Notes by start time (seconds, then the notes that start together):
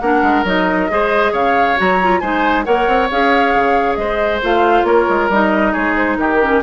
0.00 A#3 D4 A#4 F#5
0.22 G#3
0.44 F#3 D#4 D#5
0.88 G#3 G#4 C5
1.32 C#3 C#5 F5
1.76 F#3 F#4 A#5
2.02 F4
2.19 G#3 D#4 C5 G#5
2.64 A#3 A#4 C#5 F#5
2.87 C4
3.10 C#4 G#4 F5
3.54 C#3
3.95 G#3 C5 D#5
4.42 A3 F4 F5
4.83 A#3 A#4 C#5
5.09 G#3
5.29 G3 D#4 D#5
5.72 G#3 G#4 C#5
5.95 C5
6.17 D#3 G4 A#4
6.41 C#4